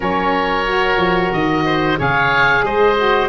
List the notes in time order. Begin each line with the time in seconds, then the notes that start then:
0.00 F#3 C#4 A#4 C#5
0.66 F#4
0.96 F3
1.33 D#3 D#5
1.65 C5
1.97 C#3 G#4 C#5 F5
2.62 G#3 C5 D#5
2.96 F#4